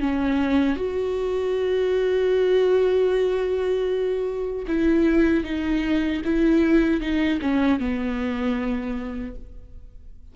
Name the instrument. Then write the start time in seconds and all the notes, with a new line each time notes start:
viola
0.00 C#4
0.76 F#4
4.67 E4
5.44 D#4
6.24 E4
7.00 D#4
7.41 C#4
7.79 B3